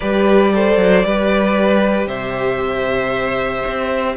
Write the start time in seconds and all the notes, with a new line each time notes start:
0.00 G3 G4 B4 D5
0.53 A4 C5
0.77 F#3
1.03 G3 G4 B4
2.06 C3 C5 E5
3.67 C4